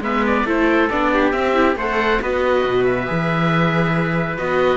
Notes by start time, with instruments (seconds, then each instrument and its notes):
0.00 cello G#3, viola B3, trumpet B4, oboe E5
0.26 oboe D5
0.45 cello A3, viola E4, trumpet A4, oboe C5
0.89 cello B3, viola D4, oboe D5
1.13 trumpet G4
1.31 cello C4, viola C4, oboe E5
1.54 viola E4
1.76 cello A3, viola A4, trumpet C5, oboe F#5
2.21 cello B3, viola F#4, trumpet B4, oboe D#5
2.64 cello B2
2.84 oboe E5
3.06 cello E3, viola G#4
4.38 cello B3, viola F#4, oboe D#5